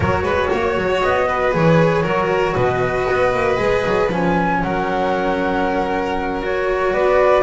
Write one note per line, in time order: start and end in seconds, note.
0.00 0.22 F#3
0.00 1.52 F#4
0.00 0.23 A#4
0.00 1.02 C#5
0.22 0.48 G#3
0.22 0.49 B4
0.52 0.77 A#3
0.52 1.28 C#5
0.77 1.02 F#3
1.02 1.54 B3
1.02 1.53 D#5
1.28 2.02 B4
1.52 2.04 E3
1.52 2.03 G#4
1.52 2.56 C#5
2.02 2.55 F#3
2.02 3.57 F#4
2.02 2.54 A#4
2.54 3.07 B2
2.54 4.59 B4
2.54 4.09 D#5
3.10 3.33 B3
3.33 3.59 A#3
3.57 3.84 G#3
3.57 4.08 G#4
3.85 4.11 F#3
4.11 4.62 F3
4.11 6.41 C#4
4.11 4.62 G#5
4.62 6.93 F#3
4.62 6.93 A#4
4.62 6.42 F#5
6.41 7.42 F#4
6.41 6.93 C#5
6.93 7.42 B3
6.93 7.42 B4
6.93 7.42 D5